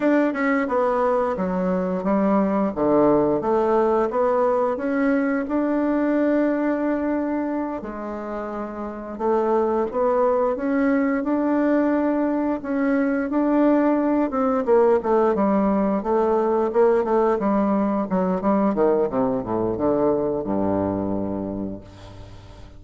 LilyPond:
\new Staff \with { instrumentName = "bassoon" } { \time 4/4 \tempo 4 = 88 d'8 cis'8 b4 fis4 g4 | d4 a4 b4 cis'4 | d'2.~ d'8 gis8~ | gis4. a4 b4 cis'8~ |
cis'8 d'2 cis'4 d'8~ | d'4 c'8 ais8 a8 g4 a8~ | a8 ais8 a8 g4 fis8 g8 dis8 | c8 a,8 d4 g,2 | }